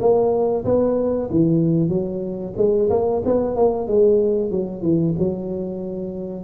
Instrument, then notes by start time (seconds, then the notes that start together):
tuba
0.00 A#3
0.65 B3
1.30 E3
1.89 F#3
2.57 G#3
2.90 A#3
3.25 B3
3.56 A#3
3.88 G#3
4.51 F#3
4.82 E3
5.18 F#3